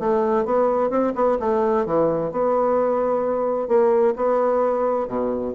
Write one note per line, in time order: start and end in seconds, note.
0.00 0.45 A3
0.45 0.90 B3
0.90 1.13 C4
1.15 1.38 B3
1.40 1.86 A3
1.86 2.32 E3
2.32 3.68 B3
3.68 4.14 A#3
4.16 5.08 B3
5.08 5.54 B2